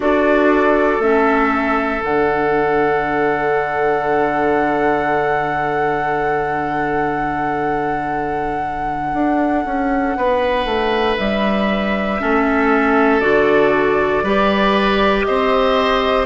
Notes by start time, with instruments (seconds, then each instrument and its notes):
0.00 bassoon D4, clarinet F#4, oboe A4, flute D5
0.99 bassoon A3, clarinet C#4, flute E5
2.02 bassoon D3, clarinet D4, flute F#5
9.13 bassoon D4
9.65 bassoon C#4
10.17 bassoon B3, oboe B4
10.65 bassoon A3
11.17 bassoon G3, flute E5
12.19 bassoon A3, clarinet C#4, oboe A4
13.20 bassoon D3, clarinet F#4, flute D5
14.22 bassoon G3, clarinet G4, oboe B4
15.24 bassoon C4, oboe C5, flute D#5